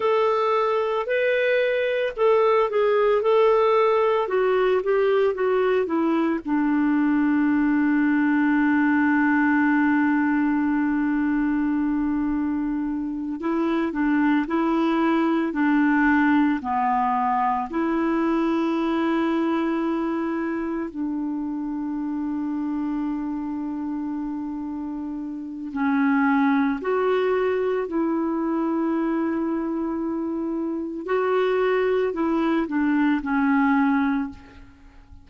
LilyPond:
\new Staff \with { instrumentName = "clarinet" } { \time 4/4 \tempo 4 = 56 a'4 b'4 a'8 gis'8 a'4 | fis'8 g'8 fis'8 e'8 d'2~ | d'1~ | d'8 e'8 d'8 e'4 d'4 b8~ |
b8 e'2. d'8~ | d'1 | cis'4 fis'4 e'2~ | e'4 fis'4 e'8 d'8 cis'4 | }